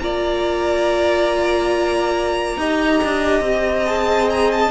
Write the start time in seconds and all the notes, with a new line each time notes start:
0.00 A#3 F4 D5 A#5
2.58 D#4 G4 D#5
3.04 D4
3.40 C4
3.86 G#4 A5
4.30 A#5
4.51 A5